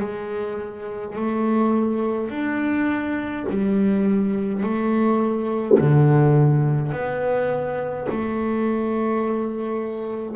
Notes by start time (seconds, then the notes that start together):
0.00 G#3
1.15 A3
2.30 D4
3.49 G3
4.63 A3
5.79 D3
6.92 B3
8.09 A3